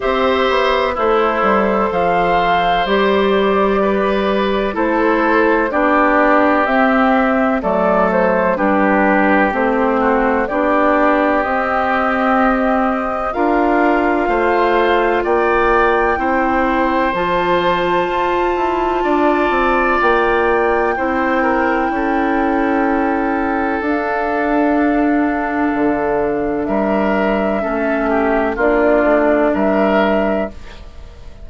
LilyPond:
<<
  \new Staff \with { instrumentName = "flute" } { \time 4/4 \tempo 4 = 63 e''4 c''4 f''4 d''4~ | d''4 c''4 d''4 e''4 | d''8 c''8 b'4 c''4 d''4 | dis''2 f''2 |
g''2 a''2~ | a''4 g''2.~ | g''4 f''2. | e''2 d''4 e''4 | }
  \new Staff \with { instrumentName = "oboe" } { \time 4/4 c''4 e'4 c''2 | b'4 a'4 g'2 | a'4 g'4. fis'8 g'4~ | g'2 ais'4 c''4 |
d''4 c''2. | d''2 c''8 ais'8 a'4~ | a'1 | ais'4 a'8 g'8 f'4 ais'4 | }
  \new Staff \with { instrumentName = "clarinet" } { \time 4/4 g'4 a'2 g'4~ | g'4 e'4 d'4 c'4 | a4 d'4 c'4 d'4 | c'2 f'2~ |
f'4 e'4 f'2~ | f'2 e'2~ | e'4 d'2.~ | d'4 cis'4 d'2 | }
  \new Staff \with { instrumentName = "bassoon" } { \time 4/4 c'8 b8 a8 g8 f4 g4~ | g4 a4 b4 c'4 | fis4 g4 a4 b4 | c'2 d'4 a4 |
ais4 c'4 f4 f'8 e'8 | d'8 c'8 ais4 c'4 cis'4~ | cis'4 d'2 d4 | g4 a4 ais8 a8 g4 | }
>>